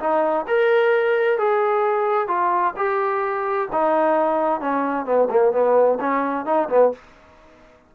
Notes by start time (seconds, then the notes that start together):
0.00 D#4
0.48 A#4
1.39 G#4
2.28 F4
2.77 G4
3.73 D#4
4.61 C#4
5.06 B3
5.30 A#3
5.53 B3
6.01 C#4
6.46 D#4
6.70 B3